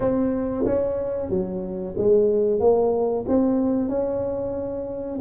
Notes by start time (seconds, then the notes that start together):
0.00 C4
0.65 C#4
1.29 F#3
1.97 G#3
2.60 A#3
3.28 C4
3.89 C#4